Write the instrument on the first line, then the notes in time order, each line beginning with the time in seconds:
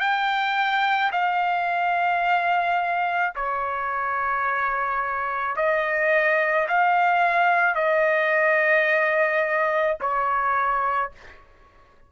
trumpet
0.00 G5
1.12 F5
3.36 C#5
5.56 D#5
6.69 F5
7.75 D#5
10.01 C#5